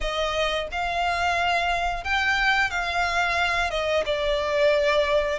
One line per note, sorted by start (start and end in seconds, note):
0.00 0.68 D#5
0.71 2.03 F5
2.03 2.70 G5
2.70 3.70 F5
3.70 4.04 D#5
4.05 5.39 D5